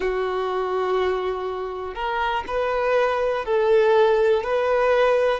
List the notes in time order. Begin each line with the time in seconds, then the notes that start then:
0.00 F#4
1.94 A#4
2.47 B4
3.45 A4
4.43 B4